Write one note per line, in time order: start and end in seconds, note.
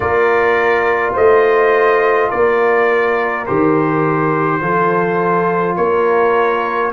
0.00 1.14 A#3
0.00 3.45 F4
0.00 1.13 A#4
0.00 1.13 D5
1.13 2.30 A3
1.13 2.28 C5
1.13 2.30 D#5
2.29 3.48 A#3
2.29 4.60 A#4
2.29 3.45 D5
3.46 4.61 D#3
3.46 4.61 G4
3.46 5.76 C5
4.61 5.76 F3
4.61 6.92 F4
4.61 5.76 A4
5.76 6.92 A#3
5.76 6.92 A#4
5.76 6.91 C#5